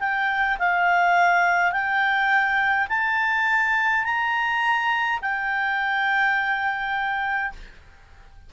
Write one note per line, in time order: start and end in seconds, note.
0.00 0.58 G5
0.59 1.73 F5
1.73 2.88 G5
2.90 4.05 A5
4.05 5.20 A#5
5.22 7.53 G5